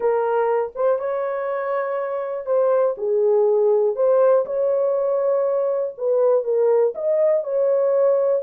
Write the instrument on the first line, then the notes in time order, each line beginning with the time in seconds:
horn
0.00 A#4
0.75 C5
0.98 C#5
2.45 C5
2.97 G#4
3.95 C5
4.45 C#5
5.97 B4
6.44 A#4
6.94 D#5
7.43 C#5